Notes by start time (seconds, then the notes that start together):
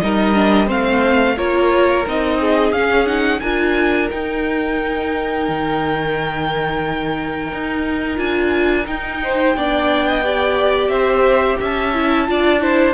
0.00 G3 D#4 A#4 D#5
0.34 D4
0.66 A3 C4 C5 F5
1.37 A#3 F4 A#4 C#5
2.06 C4 D#4 D#5
2.40 G#4
2.71 C#4 F5
3.06 D#4 F#5
3.39 D4 F4 A#4 G#5
4.10 D#4 G5
5.48 D#3
7.51 D#4
8.15 D4 F4 G#5
8.86 D#4 G5
9.23 C5
9.55 B3 D4 D5
10.08 D#5
10.23 G4 D5
10.87 C4 C5 E5
11.59 C#4 E5 A5
11.94 E4
12.27 D4 F4 D5
12.60 E4 C5